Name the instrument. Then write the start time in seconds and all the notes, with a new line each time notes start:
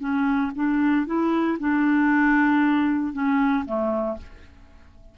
clarinet
0.00 C#4
0.55 D4
1.07 E4
1.60 D4
3.13 C#4
3.66 A3